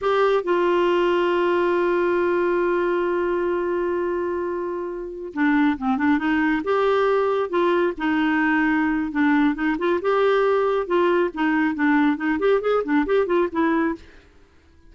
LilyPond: \new Staff \with { instrumentName = "clarinet" } { \time 4/4 \tempo 4 = 138 g'4 f'2.~ | f'1~ | f'1~ | f'16 d'4 c'8 d'8 dis'4 g'8.~ |
g'4~ g'16 f'4 dis'4.~ dis'16~ | dis'4 d'4 dis'8 f'8 g'4~ | g'4 f'4 dis'4 d'4 | dis'8 g'8 gis'8 d'8 g'8 f'8 e'4 | }